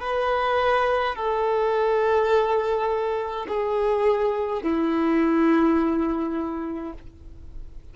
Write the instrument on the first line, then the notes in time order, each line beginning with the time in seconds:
violin
0.00 B4
1.15 A4
3.48 G#4
4.63 E4